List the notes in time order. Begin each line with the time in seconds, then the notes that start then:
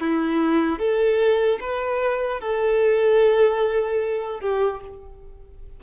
0.00 E4
0.78 A4
1.60 B4
2.40 A4
4.40 G4